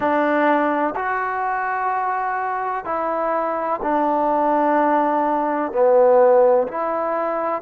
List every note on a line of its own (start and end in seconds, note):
0.00 0.94 D4
0.95 2.84 F#4
2.84 3.80 E4
3.82 5.71 D4
5.71 6.67 B3
6.67 7.61 E4